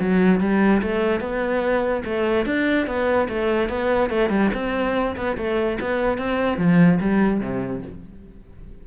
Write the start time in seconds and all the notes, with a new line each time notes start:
0.00 F#3
0.40 G3
0.82 A3
1.21 B3
2.05 A3
2.46 D4
2.87 B3
3.29 A3
3.69 B3
4.10 A3
4.30 G3
4.54 C4
5.16 B3
5.37 A3
5.80 B3
6.18 C4
6.58 F3
7.00 G3
7.41 C3